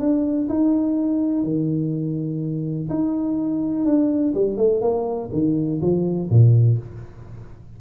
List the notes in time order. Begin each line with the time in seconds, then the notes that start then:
0.00 D4
0.49 D#4
1.44 D#3
2.90 D#4
3.85 D4
4.35 G3
4.57 A3
4.81 A#3
5.32 D#3
5.82 F3
6.30 A#2